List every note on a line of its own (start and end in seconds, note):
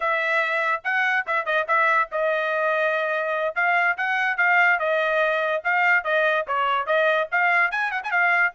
0.00 0.81 E5
0.84 1.25 F#5
1.26 1.45 E5
1.45 1.66 D#5
1.67 2.09 E5
2.11 3.55 D#5
3.55 3.96 F5
3.97 4.37 F#5
4.37 4.79 F5
4.79 5.62 D#5
5.64 6.04 F5
6.04 6.45 D#5
6.47 6.86 C#5
6.86 7.27 D#5
7.31 7.71 F5
7.71 7.91 G#5
7.91 8.01 F#5
8.03 8.11 G#5
8.11 8.52 F5